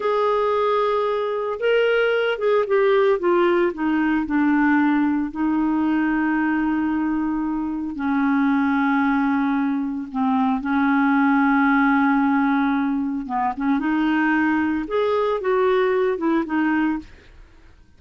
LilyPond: \new Staff \with { instrumentName = "clarinet" } { \time 4/4 \tempo 4 = 113 gis'2. ais'4~ | ais'8 gis'8 g'4 f'4 dis'4 | d'2 dis'2~ | dis'2. cis'4~ |
cis'2. c'4 | cis'1~ | cis'4 b8 cis'8 dis'2 | gis'4 fis'4. e'8 dis'4 | }